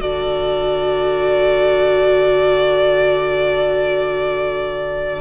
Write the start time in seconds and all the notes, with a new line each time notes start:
0.00 D3 F#4 A4 D5